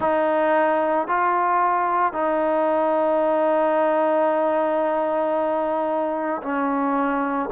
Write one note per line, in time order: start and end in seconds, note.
0.00 1.07 D#4
1.07 2.12 F4
2.12 6.41 D#4
6.42 7.50 C#4